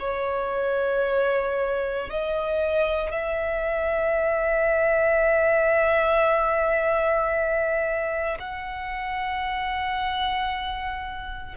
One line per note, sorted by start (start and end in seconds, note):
0.00 2.10 C#5
2.10 3.12 D#5
3.12 8.38 E5
8.40 11.56 F#5